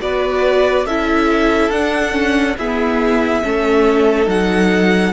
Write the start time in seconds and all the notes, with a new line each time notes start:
0.00 B3 F#4 B4 D5
0.86 C#4 E4 A4 E5
1.70 D4 F#5
2.12 C#4
2.57 B3 E4 G#4 E5
3.44 A3 C#4 A4
4.26 F#3 D#4 F#5